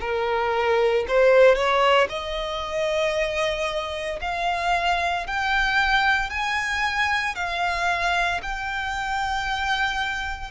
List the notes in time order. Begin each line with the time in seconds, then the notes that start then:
0.00 A#4
1.08 C5
1.55 C#5
2.09 D#5
4.21 F5
5.27 G5
6.30 G#5
7.35 F5
8.42 G5